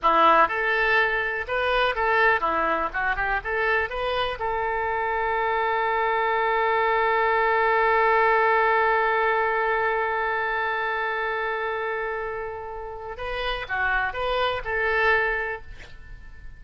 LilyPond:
\new Staff \with { instrumentName = "oboe" } { \time 4/4 \tempo 4 = 123 e'4 a'2 b'4 | a'4 e'4 fis'8 g'8 a'4 | b'4 a'2.~ | a'1~ |
a'1~ | a'1~ | a'2. b'4 | fis'4 b'4 a'2 | }